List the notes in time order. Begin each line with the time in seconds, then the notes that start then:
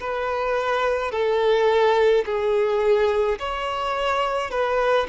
0.00 B4
1.12 A4
2.25 G#4
3.39 C#5
4.50 B4